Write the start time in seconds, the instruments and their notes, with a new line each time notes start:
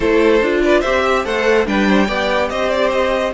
0.00 cello A3, viola E4, violin A4 C5
0.41 cello D4, viola F4
0.62 violin B4 D5
0.80 cello C4, viola G4, violin C5 E5
1.05 violin E5
1.24 cello A3, viola A4, violin C5 F#5
1.65 cello G3, viola D4, violin B4 G5
1.87 violin C5
2.07 cello B3, viola G4, violin D5
2.49 cello C4, violin C5 D#5
2.69 violin D5
2.92 violin D#5